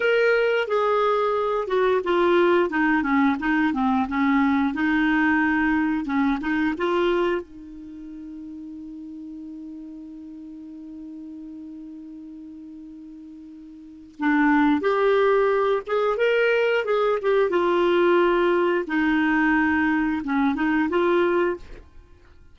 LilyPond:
\new Staff \with { instrumentName = "clarinet" } { \time 4/4 \tempo 4 = 89 ais'4 gis'4. fis'8 f'4 | dis'8 cis'8 dis'8 c'8 cis'4 dis'4~ | dis'4 cis'8 dis'8 f'4 dis'4~ | dis'1~ |
dis'1~ | dis'4 d'4 g'4. gis'8 | ais'4 gis'8 g'8 f'2 | dis'2 cis'8 dis'8 f'4 | }